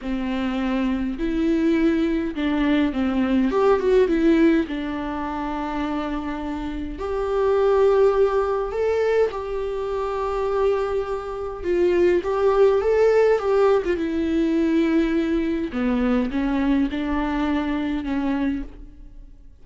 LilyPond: \new Staff \with { instrumentName = "viola" } { \time 4/4 \tempo 4 = 103 c'2 e'2 | d'4 c'4 g'8 fis'8 e'4 | d'1 | g'2. a'4 |
g'1 | f'4 g'4 a'4 g'8. f'16 | e'2. b4 | cis'4 d'2 cis'4 | }